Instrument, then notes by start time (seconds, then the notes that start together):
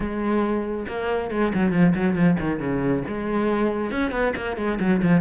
cello
0.00 G#3
0.87 A#3
1.30 G#3
1.54 F#3
1.72 F3
1.95 F#3
2.15 F3
2.39 D#3
2.59 C#3
3.07 G#3
3.91 C#4
4.11 B3
4.36 A#3
4.57 G#3
4.80 F#3
5.02 F3